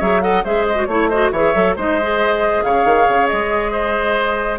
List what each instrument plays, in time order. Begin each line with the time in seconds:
0.00 bassoon F#3, clarinet G#4, oboe C#5, flute E5
0.22 clarinet A4, oboe D#5, flute F#5
0.45 bassoon G#3, clarinet G#4, oboe C5, flute E5
0.67 flute D#5
0.76 clarinet F#4
0.85 bassoon A3, clarinet E4, flute C#5, oboe C#5
1.09 clarinet F#4, oboe C5, flute D#5
1.32 bassoon E3, clarinet G#4, oboe C#5, flute E5
1.55 bassoon F#3, clarinet A4
1.77 bassoon G#3, clarinet D#4, oboe C5, flute D#5
2.02 clarinet G#4
2.63 bassoon C#3, oboe C#5, flute F5
2.85 bassoon D#3
3.09 bassoon C#3
3.27 bassoon G#3, flute D#5
3.72 oboe C5